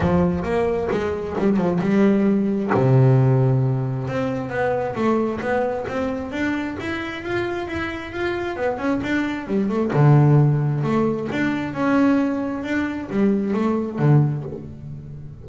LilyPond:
\new Staff \with { instrumentName = "double bass" } { \time 4/4 \tempo 4 = 133 f4 ais4 gis4 g8 f8 | g2 c2~ | c4 c'4 b4 a4 | b4 c'4 d'4 e'4 |
f'4 e'4 f'4 b8 cis'8 | d'4 g8 a8 d2 | a4 d'4 cis'2 | d'4 g4 a4 d4 | }